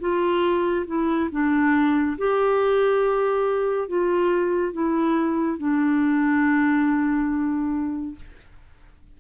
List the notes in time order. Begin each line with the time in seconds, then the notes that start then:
0.00 F4
0.86 E4
1.31 D4
2.18 G4
3.88 F4
4.73 E4
5.58 D4